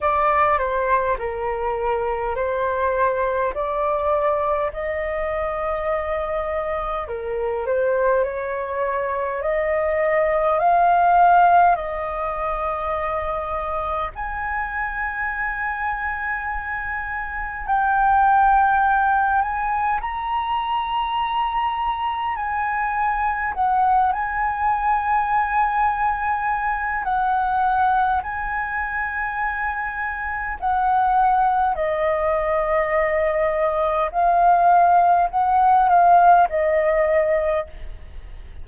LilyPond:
\new Staff \with { instrumentName = "flute" } { \time 4/4 \tempo 4 = 51 d''8 c''8 ais'4 c''4 d''4 | dis''2 ais'8 c''8 cis''4 | dis''4 f''4 dis''2 | gis''2. g''4~ |
g''8 gis''8 ais''2 gis''4 | fis''8 gis''2~ gis''8 fis''4 | gis''2 fis''4 dis''4~ | dis''4 f''4 fis''8 f''8 dis''4 | }